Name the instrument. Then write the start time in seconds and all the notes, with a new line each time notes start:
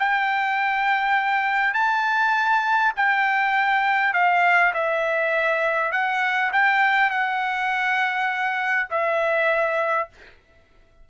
trumpet
0.00 G5
1.74 A5
2.96 G5
4.14 F5
4.74 E5
5.92 F#5
6.53 G5
7.11 F#5
8.91 E5